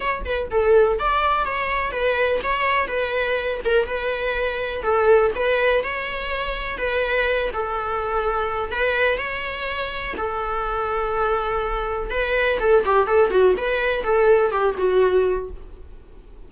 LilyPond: \new Staff \with { instrumentName = "viola" } { \time 4/4 \tempo 4 = 124 cis''8 b'8 a'4 d''4 cis''4 | b'4 cis''4 b'4. ais'8 | b'2 a'4 b'4 | cis''2 b'4. a'8~ |
a'2 b'4 cis''4~ | cis''4 a'2.~ | a'4 b'4 a'8 g'8 a'8 fis'8 | b'4 a'4 g'8 fis'4. | }